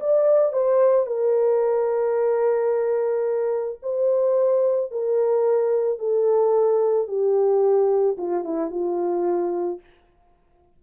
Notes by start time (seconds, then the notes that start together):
0.00 D5
0.53 C5
1.07 A#4
3.83 C5
4.91 A#4
5.99 A4
7.08 G4
8.18 F4
8.44 E4
8.71 F4